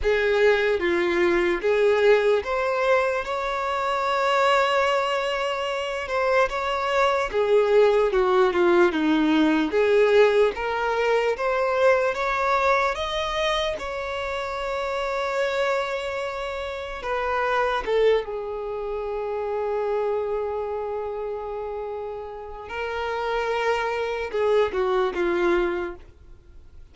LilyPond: \new Staff \with { instrumentName = "violin" } { \time 4/4 \tempo 4 = 74 gis'4 f'4 gis'4 c''4 | cis''2.~ cis''8 c''8 | cis''4 gis'4 fis'8 f'8 dis'4 | gis'4 ais'4 c''4 cis''4 |
dis''4 cis''2.~ | cis''4 b'4 a'8 gis'4.~ | gis'1 | ais'2 gis'8 fis'8 f'4 | }